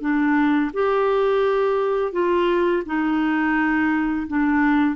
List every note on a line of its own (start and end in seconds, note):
0.00 0.71 D4
0.73 2.12 G4
2.12 2.82 F4
2.86 4.27 D#4
4.27 4.95 D4